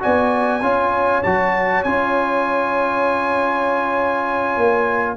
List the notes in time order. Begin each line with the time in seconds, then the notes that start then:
0.00 B3 F#4 D5 G#5
0.62 C#4 F4 C#5
1.23 F#3 F#4 A5
1.83 C#4 F4 G#5
4.57 A#3